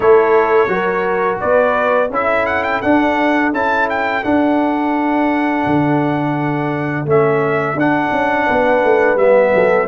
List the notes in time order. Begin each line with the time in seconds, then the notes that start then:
0.00 A3 E4 A4 C#5
0.67 F#3 F#4 A#4
1.40 B3 B4 D5
2.10 C#4 E4 A4 E5
2.46 F#5
2.63 G5
2.81 D4 F#5
3.52 C#4 E4 A5
3.89 G5
4.23 D4 F#5
5.66 D3
7.05 A3 C#4 E5
7.75 D4 F#5
8.12 C#4
8.46 B3 B4
8.83 A3
9.15 G3 B3 E5
9.54 F#3 A4